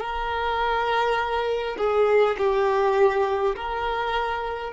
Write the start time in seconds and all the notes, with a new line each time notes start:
0.00 A#4
1.78 G#4
2.37 G4
3.56 A#4